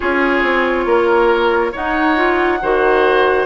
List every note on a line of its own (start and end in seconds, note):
0.00 0.42 C#4
0.00 1.72 F4
0.00 0.85 G#4
0.00 1.72 C#5
0.42 0.85 C4
0.85 1.72 A#3
0.85 1.72 A#4
1.72 2.15 D#4
1.72 2.62 D#4
1.72 2.59 C#5
1.72 3.45 F#5
2.15 2.59 F4
2.61 3.45 D#3
2.61 3.45 F#4
2.61 3.45 C5